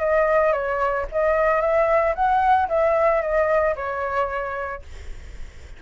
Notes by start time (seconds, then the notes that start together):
0.00 D#5
0.53 C#5
1.12 D#5
1.61 E5
2.15 F#5
2.69 E5
3.22 D#5
3.76 C#5